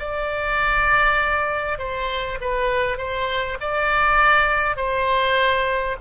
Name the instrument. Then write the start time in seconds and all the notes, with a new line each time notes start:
oboe
0.00 D5
1.79 C5
2.42 B4
2.98 C5
3.61 D5
4.77 C5